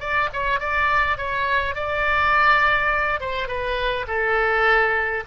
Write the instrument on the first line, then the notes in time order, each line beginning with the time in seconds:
oboe
0.00 D5
0.33 C#5
0.60 D5
1.18 C#5
1.75 D5
3.20 C5
3.48 B4
4.08 A4